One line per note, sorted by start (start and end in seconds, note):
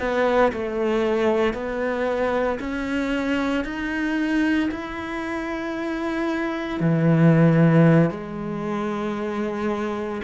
0.00 0.53 B3
0.53 1.54 A3
1.54 2.59 B3
2.60 3.65 C#4
3.65 4.70 D#4
4.72 6.80 E4
6.80 8.11 E3
8.11 10.22 G#3